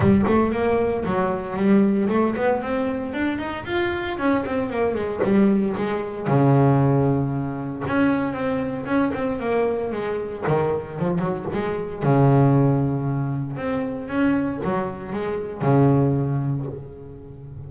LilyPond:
\new Staff \with { instrumentName = "double bass" } { \time 4/4 \tempo 4 = 115 g8 a8 ais4 fis4 g4 | a8 b8 c'4 d'8 dis'8 f'4 | cis'8 c'8 ais8 gis8 g4 gis4 | cis2. cis'4 |
c'4 cis'8 c'8 ais4 gis4 | dis4 f8 fis8 gis4 cis4~ | cis2 c'4 cis'4 | fis4 gis4 cis2 | }